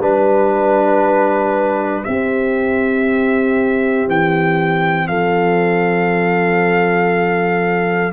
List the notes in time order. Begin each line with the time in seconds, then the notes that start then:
0.00 G3 D4 B4
2.04 C4 G4 E5
4.08 E3 G5
5.08 F3 A4 F5